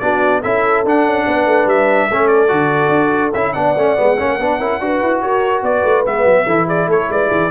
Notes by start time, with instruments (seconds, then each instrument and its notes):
0.00 tuba B3, trombone D4, horn F#4, trumpet D5
0.42 tuba C#4, trombone E4, horn A4, trumpet E5
0.85 tuba D4, trombone D4, trumpet F#5
1.05 tuba C#4
1.27 tuba B3, horn B4
1.46 tuba A3
1.66 tuba G3, trumpet E5
2.09 tuba A3, trombone C#4, horn A4
2.28 trumpet D5
2.48 tuba D3, trombone F#4
2.89 tuba D4
3.34 tuba C#4, trombone E4, trumpet E5
3.53 tuba B3, trombone D4, horn D5, trumpet F#5
3.76 tuba A3, trombone C#4
3.97 tuba G#3, trombone B3
4.17 tuba A#3, trombone C#4, horn C#5
4.39 tuba B3, trombone D4, horn B4
4.59 tuba C#4, trombone E4, horn A#4
4.80 tuba D4, trombone F#4, horn B4
5.02 tuba E4
5.21 tuba F#4, horn A#4, trumpet C#5
5.63 tuba B3, horn B4, trumpet D5
5.84 tuba A3
6.06 tuba G#3, trombone B3, trumpet E5
6.25 tuba F#3
6.46 tuba E3, trombone E4, horn A4
6.66 horn G#4, trumpet D5
6.87 tuba A3, horn A4, trumpet C#5
7.09 tuba G#3, horn B4, trumpet D5
7.30 tuba E3, horn G#4